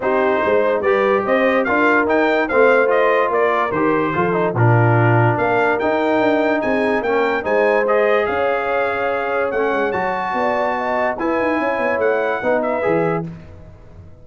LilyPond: <<
  \new Staff \with { instrumentName = "trumpet" } { \time 4/4 \tempo 4 = 145 c''2 d''4 dis''4 | f''4 g''4 f''4 dis''4 | d''4 c''2 ais'4~ | ais'4 f''4 g''2 |
gis''4 g''4 gis''4 dis''4 | f''2. fis''4 | a''2. gis''4~ | gis''4 fis''4. e''4. | }
  \new Staff \with { instrumentName = "horn" } { \time 4/4 g'4 c''4 b'4 c''4 | ais'2 c''2 | ais'2 a'4 f'4~ | f'4 ais'2. |
gis'4 ais'4 c''2 | cis''1~ | cis''4 d''4 dis''4 b'4 | cis''2 b'2 | }
  \new Staff \with { instrumentName = "trombone" } { \time 4/4 dis'2 g'2 | f'4 dis'4 c'4 f'4~ | f'4 g'4 f'8 dis'8 d'4~ | d'2 dis'2~ |
dis'4 cis'4 dis'4 gis'4~ | gis'2. cis'4 | fis'2. e'4~ | e'2 dis'4 gis'4 | }
  \new Staff \with { instrumentName = "tuba" } { \time 4/4 c'4 gis4 g4 c'4 | d'4 dis'4 a2 | ais4 dis4 f4 ais,4~ | ais,4 ais4 dis'4 d'4 |
c'4 ais4 gis2 | cis'2. a8 gis8 | fis4 b2 e'8 dis'8 | cis'8 b8 a4 b4 e4 | }
>>